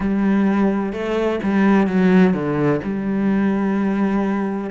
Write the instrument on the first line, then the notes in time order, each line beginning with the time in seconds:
cello
0.00 G3
0.92 A3
1.43 G3
1.87 F#3
2.33 D3
2.83 G3